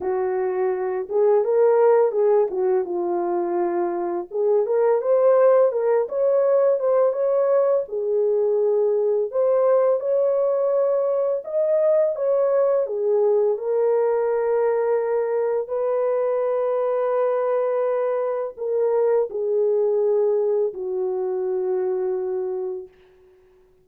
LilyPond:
\new Staff \with { instrumentName = "horn" } { \time 4/4 \tempo 4 = 84 fis'4. gis'8 ais'4 gis'8 fis'8 | f'2 gis'8 ais'8 c''4 | ais'8 cis''4 c''8 cis''4 gis'4~ | gis'4 c''4 cis''2 |
dis''4 cis''4 gis'4 ais'4~ | ais'2 b'2~ | b'2 ais'4 gis'4~ | gis'4 fis'2. | }